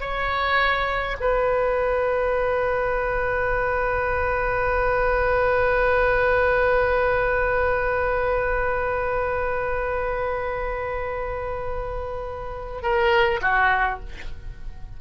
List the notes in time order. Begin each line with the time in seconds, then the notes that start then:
0.00 C#5
1.20 B4
12.82 A#4
13.41 F#4